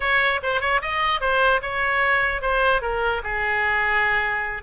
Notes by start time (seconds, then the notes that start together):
0.00 C#5
0.42 C5
0.60 C#5
0.81 D#5
1.20 C5
1.62 C#5
2.41 C5
2.81 A#4
3.23 G#4